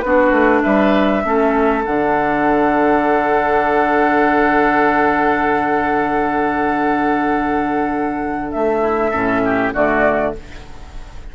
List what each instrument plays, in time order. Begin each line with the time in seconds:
0.00 bassoon B3, clarinet D4, oboe F#4, flute B4
0.31 bassoon A3
0.62 bassoon G3, oboe B4, flute E5
1.23 bassoon A3, clarinet C#4, oboe A4
1.85 bassoon D3, clarinet D4, flute F#5
8.51 bassoon A3, flute E5
8.81 oboe E4
9.10 bassoon A2, clarinet C#4, oboe A4
9.45 oboe G4
9.73 bassoon D3, clarinet A3, oboe F#4, flute D5